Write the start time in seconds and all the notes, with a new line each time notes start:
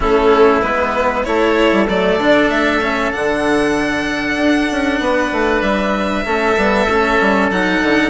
0.00 A3 C#4 E4 A4
0.61 G#3 B3 B4
1.24 A3 E4 A4 C#5
1.72 G3
1.88 F#3 A3 D5
2.17 D3 D4
2.48 A3 E5
2.81 C#4
3.12 D3 D4 F#5
4.37 D4
4.71 C#4
4.99 B3 B4
5.32 A3
5.61 G3 E5
6.25 A3 C#4 A4
6.56 G3 B3
6.87 A3 C#4
7.20 G3
7.50 F#3 D#4 F#5
7.82 D3